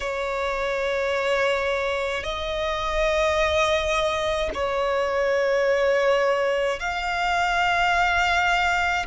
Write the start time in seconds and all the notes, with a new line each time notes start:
0.00 C#5
2.23 D#5
4.53 C#5
6.79 F5